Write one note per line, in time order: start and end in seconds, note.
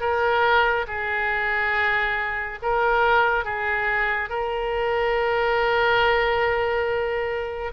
0.00 0.86 A#4
0.88 2.59 G#4
2.62 3.44 A#4
3.44 4.29 G#4
4.29 7.72 A#4